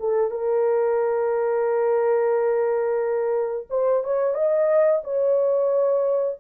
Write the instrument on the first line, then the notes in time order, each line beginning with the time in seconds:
horn
0.00 A4
0.31 A#4
3.70 C5
4.04 C#5
4.35 D#5
5.04 C#5